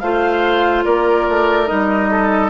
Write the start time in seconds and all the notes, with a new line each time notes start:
0.00 A3 F4 C5 F5
0.84 A#3 A#4 D5
1.29 A3
1.67 G3 D#4 D#5
2.10 A4